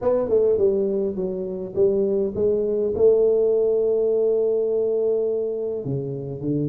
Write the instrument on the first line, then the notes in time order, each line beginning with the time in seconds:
tuba
0.01 B3
0.29 A3
0.58 G3
1.15 F#3
1.75 G3
2.35 G#3
2.95 A3
5.85 C#3
6.41 D3